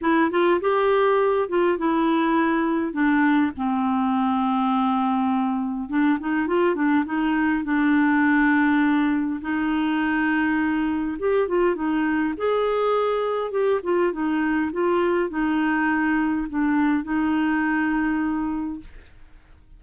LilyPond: \new Staff \with { instrumentName = "clarinet" } { \time 4/4 \tempo 4 = 102 e'8 f'8 g'4. f'8 e'4~ | e'4 d'4 c'2~ | c'2 d'8 dis'8 f'8 d'8 | dis'4 d'2. |
dis'2. g'8 f'8 | dis'4 gis'2 g'8 f'8 | dis'4 f'4 dis'2 | d'4 dis'2. | }